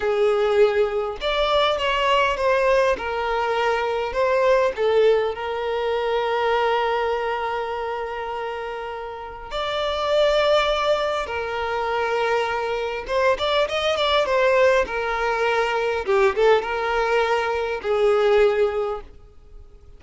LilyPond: \new Staff \with { instrumentName = "violin" } { \time 4/4 \tempo 4 = 101 gis'2 d''4 cis''4 | c''4 ais'2 c''4 | a'4 ais'2.~ | ais'1 |
d''2. ais'4~ | ais'2 c''8 d''8 dis''8 d''8 | c''4 ais'2 g'8 a'8 | ais'2 gis'2 | }